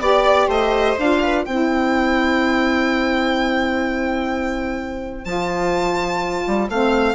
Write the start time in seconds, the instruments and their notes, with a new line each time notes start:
0.00 bassoon B3, saxophone G4, violin D5, viola D5
0.47 bassoon A3, viola C5, violin D#5
0.99 bassoon D4, saxophone F4, violin F5
1.23 viola B4
1.44 bassoon C4, saxophone E4, viola C5, violin G5
5.25 bassoon F3, saxophone F4, violin A5
6.47 bassoon G3
6.69 bassoon A3, saxophone C4, violin F5